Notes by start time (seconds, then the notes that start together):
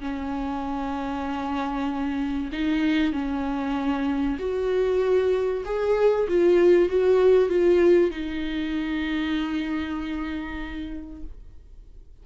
0.00 C#4
2.52 D#4
3.13 C#4
4.39 F#4
5.65 G#4
6.28 F4
6.89 F#4
7.49 F4
8.11 D#4